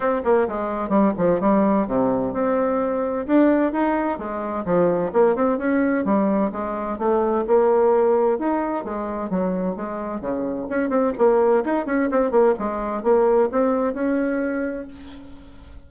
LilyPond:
\new Staff \with { instrumentName = "bassoon" } { \time 4/4 \tempo 4 = 129 c'8 ais8 gis4 g8 f8 g4 | c4 c'2 d'4 | dis'4 gis4 f4 ais8 c'8 | cis'4 g4 gis4 a4 |
ais2 dis'4 gis4 | fis4 gis4 cis4 cis'8 c'8 | ais4 dis'8 cis'8 c'8 ais8 gis4 | ais4 c'4 cis'2 | }